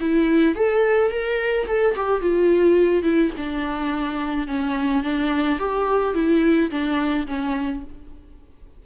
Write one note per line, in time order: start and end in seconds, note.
0.00 0.55 E4
0.55 1.10 A4
1.10 1.66 A#4
1.67 1.95 A4
1.95 2.21 G4
2.21 3.03 F4
3.03 3.31 E4
3.37 4.47 D4
4.47 5.03 C#4
5.03 5.59 D4
5.59 6.14 G4
6.14 6.70 E4
6.70 7.26 D4
7.27 7.83 C#4